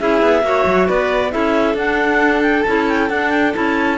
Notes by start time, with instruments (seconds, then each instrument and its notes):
0.00 cello C#4, clarinet E4 E5, violin G#4
0.22 cello B3
0.43 cello A#3, clarinet F#4, violin C#5
0.66 cello F#3
0.87 cello B3, violin B4, clarinet D5
1.31 cello C#4, clarinet E4 E5, violin A4
1.74 cello D4, clarinet D4 F#5
2.42 clarinet G5
2.62 cello C#4, clarinet E4 A5
2.89 clarinet G5
3.10 cello D4, clarinet D4 F#5
3.30 clarinet G5
3.53 cello C#4, clarinet E4 A5